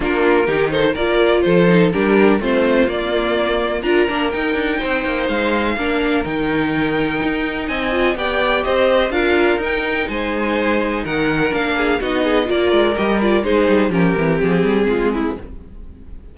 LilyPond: <<
  \new Staff \with { instrumentName = "violin" } { \time 4/4 \tempo 4 = 125 ais'4. c''8 d''4 c''4 | ais'4 c''4 d''2 | ais''4 g''2 f''4~ | f''4 g''2. |
gis''4 g''4 dis''4 f''4 | g''4 gis''2 fis''4 | f''4 dis''4 d''4 dis''8 d''8 | c''4 ais'4 gis'2 | }
  \new Staff \with { instrumentName = "violin" } { \time 4/4 f'4 g'8 a'8 ais'4 a'4 | g'4 f'2. | ais'2 c''2 | ais'1 |
dis''4 d''4 c''4 ais'4~ | ais'4 c''2 ais'4~ | ais'8 gis'8 fis'8 gis'8 ais'2 | gis'4 g'2 f'8 e'8 | }
  \new Staff \with { instrumentName = "viola" } { \time 4/4 d'4 dis'4 f'4. dis'8 | d'4 c'4 ais2 | f'8 d'8 dis'2. | d'4 dis'2.~ |
dis'8 f'8 g'2 f'4 | dis'1 | d'4 dis'4 f'4 g'8 f'8 | dis'4 cis'8 c'2~ c'8 | }
  \new Staff \with { instrumentName = "cello" } { \time 4/4 ais4 dis4 ais4 f4 | g4 a4 ais2 | d'8 ais8 dis'8 d'8 c'8 ais8 gis4 | ais4 dis2 dis'4 |
c'4 b4 c'4 d'4 | dis'4 gis2 dis4 | ais4 b4 ais8 gis8 g4 | gis8 g8 f8 e8 f8 g8 gis4 | }
>>